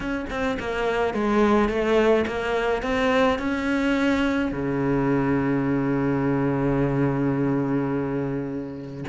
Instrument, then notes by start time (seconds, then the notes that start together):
cello
0.00 C#4
0.30 C4
0.59 A#3
1.14 G#3
1.68 A3
2.26 A#3
2.82 C4
3.38 C#4
4.51 C#3